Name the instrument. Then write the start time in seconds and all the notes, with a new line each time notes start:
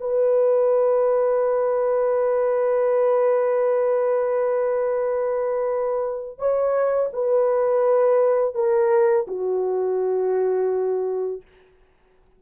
horn
0.00 B4
6.39 C#5
7.13 B4
8.55 A#4
9.28 F#4